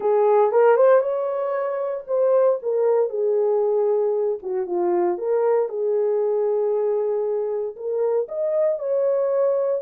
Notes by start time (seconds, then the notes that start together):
0.00 G#4
0.51 A#4
0.76 C5
1.00 C#5
2.07 C5
2.62 A#4
3.09 G#4
4.42 F#4
4.66 F4
5.17 A#4
5.68 G#4
7.75 A#4
8.28 D#5
8.78 C#5